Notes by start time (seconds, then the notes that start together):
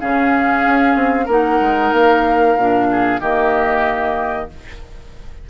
0.00 C#3 C#4 G#4 F5
0.67 C#4
0.96 C4
1.26 A#3 D#4 A#4 F#5
1.61 G#3
1.92 A#3 F5
2.57 A#2 D4
2.92 G#4
3.21 D#3 A#3 G4 D#5